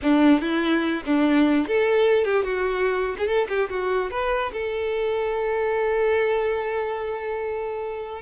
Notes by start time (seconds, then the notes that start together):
0.02 D4
0.41 E4
1.05 D4
1.67 A4
2.24 G4
2.44 F#4
3.18 G#4
3.27 A4
3.48 G4
3.69 F#4
4.10 B4
4.52 A4